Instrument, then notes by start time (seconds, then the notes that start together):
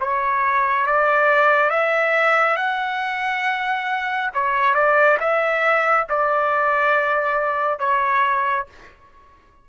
trumpet
0.00 C#5
0.86 D5
1.70 E5
2.56 F#5
4.34 C#5
4.74 D5
5.20 E5
6.09 D5
7.79 C#5